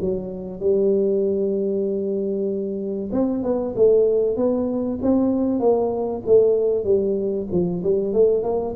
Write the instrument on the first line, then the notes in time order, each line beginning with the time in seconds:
tuba
0.00 F#3
0.60 G3
3.12 C4
3.43 B3
3.75 A3
4.36 B3
5.02 C4
5.59 A#3
6.26 A3
6.84 G3
7.51 F3
7.83 G3
8.13 A3
8.43 A#3